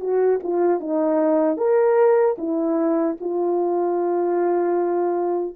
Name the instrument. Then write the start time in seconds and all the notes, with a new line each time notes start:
horn
0.00 F#4
0.43 F4
0.80 D#4
1.57 A#4
2.38 E4
3.20 F4